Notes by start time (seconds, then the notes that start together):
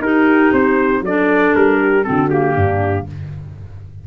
0.00 D#4 G4 A#4
0.53 C4 C5
1.02 F#3 D4 A4 D5
1.56 G3 A#4
1.81 G4
2.04 C4 F#4 A4
2.10 D3
2.31 A#3 G4
2.56 G2 D4